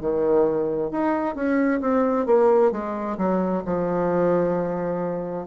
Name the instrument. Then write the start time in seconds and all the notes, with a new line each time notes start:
bassoon
0.00 D#3
0.91 D#4
1.35 C#4
1.81 C4
2.26 A#3
2.71 G#3
3.17 F#3
3.65 F3